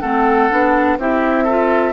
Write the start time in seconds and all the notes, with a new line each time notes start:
0.00 A3 C4 A4 F#5
0.50 B3 D4
0.97 C4 E4 G4 E5
1.44 F4 A4